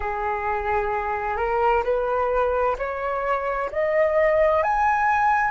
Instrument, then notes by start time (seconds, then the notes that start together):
flute
0.00 G#4
1.36 A#4
1.84 B4
2.78 C#5
3.71 D#5
4.63 G#5